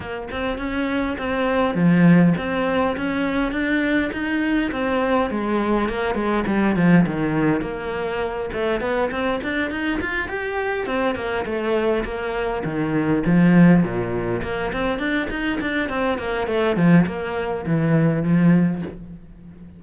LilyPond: \new Staff \with { instrumentName = "cello" } { \time 4/4 \tempo 4 = 102 ais8 c'8 cis'4 c'4 f4 | c'4 cis'4 d'4 dis'4 | c'4 gis4 ais8 gis8 g8 f8 | dis4 ais4. a8 b8 c'8 |
d'8 dis'8 f'8 g'4 c'8 ais8 a8~ | a8 ais4 dis4 f4 ais,8~ | ais,8 ais8 c'8 d'8 dis'8 d'8 c'8 ais8 | a8 f8 ais4 e4 f4 | }